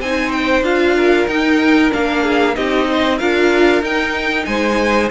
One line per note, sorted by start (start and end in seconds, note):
0.00 0.62 C4
0.00 0.64 D#4
0.00 0.95 C5
0.00 0.31 G#5
0.31 0.63 G5
0.62 1.26 D4
0.62 1.27 F4
0.62 1.28 F5
0.95 2.22 A#4
1.27 1.90 D#4
1.27 1.91 D#4
1.27 1.91 G5
1.90 2.57 A#3
1.90 2.54 D4
1.90 2.55 F5
2.22 2.54 G#4
2.55 3.20 C4
2.55 3.18 D#4
2.55 2.88 G4
2.55 3.18 D#5
2.89 3.18 C5
3.18 3.82 D4
3.18 3.82 F4
3.18 4.46 A#4
3.18 3.82 F5
3.82 4.46 D#4
3.82 5.10 D#4
3.82 4.45 G5
4.45 5.10 G#3
4.45 5.11 C5
4.45 5.09 G#5